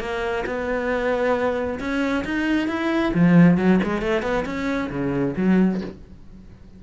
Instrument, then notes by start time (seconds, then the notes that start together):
cello
0.00 A#3
0.46 B3
1.80 C#4
2.25 D#4
2.68 E4
3.14 F3
3.58 F#3
3.83 G#3
4.02 A3
4.23 B3
4.46 C#4
4.90 C#3
5.37 F#3